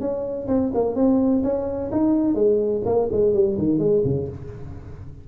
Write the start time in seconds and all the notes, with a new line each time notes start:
0.00 C#4
0.48 C4
0.74 A#3
0.95 C4
1.43 C#4
1.92 D#4
2.35 G#3
2.85 A#3
3.12 G#3
3.34 G3
3.58 D#3
3.78 G#3
4.04 C#3